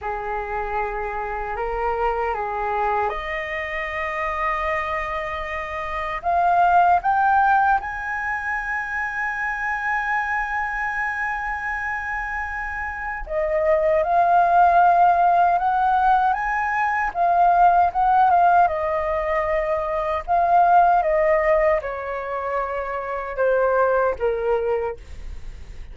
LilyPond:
\new Staff \with { instrumentName = "flute" } { \time 4/4 \tempo 4 = 77 gis'2 ais'4 gis'4 | dis''1 | f''4 g''4 gis''2~ | gis''1~ |
gis''4 dis''4 f''2 | fis''4 gis''4 f''4 fis''8 f''8 | dis''2 f''4 dis''4 | cis''2 c''4 ais'4 | }